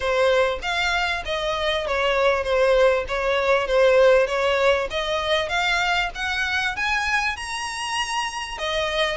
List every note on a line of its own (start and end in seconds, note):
0.00 0.58 C5
0.62 1.23 F5
1.25 1.86 D#5
1.86 2.43 C#5
2.43 3.04 C5
3.08 3.67 C#5
3.67 4.26 C5
4.26 4.88 C#5
4.90 5.48 D#5
5.48 6.09 F5
6.14 6.76 F#5
6.76 7.36 G#5
7.36 8.58 A#5
8.58 9.17 D#5